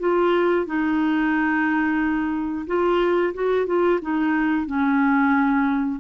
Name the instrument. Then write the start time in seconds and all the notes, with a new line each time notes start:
clarinet
0.00 F4
0.66 D#4
2.67 F4
3.35 F#4
3.67 F4
4.02 D#4
4.67 C#4